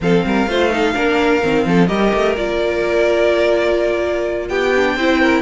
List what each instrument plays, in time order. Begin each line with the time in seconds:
0.00 cello F3, viola C4, violin A4 F5
0.24 cello G3, violin A#4
0.47 cello A3, viola F4, violin C5
0.70 viola D#4, violin A4
0.94 cello A#3, viola D4, violin A#4
1.42 cello D#3, viola C4
1.66 cello F3, violin A4
1.87 cello G3, viola G4, violin A#4 D#5
2.13 cello A3
2.36 cello A#3, viola F4, violin D5
4.48 cello B3, violin G4 G5
4.75 viola D4
4.95 cello C4, viola E4, violin C5
5.21 violin A#4